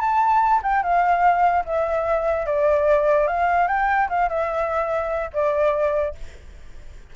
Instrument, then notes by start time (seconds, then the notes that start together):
flute
0.00 A5
0.62 G5
0.83 F5
1.65 E5
2.46 D5
3.27 F5
3.67 G5
4.09 F5
4.29 E5
5.33 D5